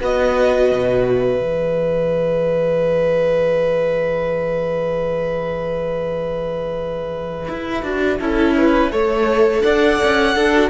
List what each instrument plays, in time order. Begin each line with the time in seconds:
0.00 cello B3, viola F#4, violin B4 D#5
0.72 cello B2
1.07 violin E5
1.39 cello E3, viola G#4
7.49 cello E4
7.83 cello D4, viola F#4
8.19 cello C#4, viola E4, violin A4
8.57 violin B4
8.91 cello A3, viola A4, violin C#5
9.61 cello D4, violin D5 F#5
10.04 cello C#4
10.35 cello D4, violin A4
10.53 viola F#4